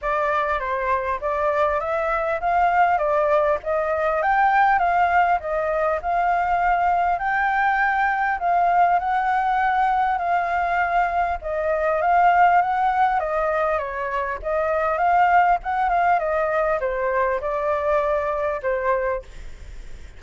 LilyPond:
\new Staff \with { instrumentName = "flute" } { \time 4/4 \tempo 4 = 100 d''4 c''4 d''4 e''4 | f''4 d''4 dis''4 g''4 | f''4 dis''4 f''2 | g''2 f''4 fis''4~ |
fis''4 f''2 dis''4 | f''4 fis''4 dis''4 cis''4 | dis''4 f''4 fis''8 f''8 dis''4 | c''4 d''2 c''4 | }